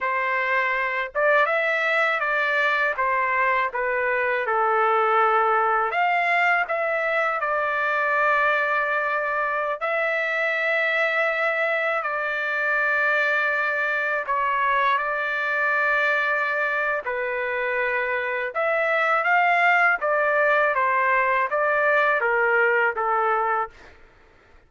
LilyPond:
\new Staff \with { instrumentName = "trumpet" } { \time 4/4 \tempo 4 = 81 c''4. d''8 e''4 d''4 | c''4 b'4 a'2 | f''4 e''4 d''2~ | d''4~ d''16 e''2~ e''8.~ |
e''16 d''2. cis''8.~ | cis''16 d''2~ d''8. b'4~ | b'4 e''4 f''4 d''4 | c''4 d''4 ais'4 a'4 | }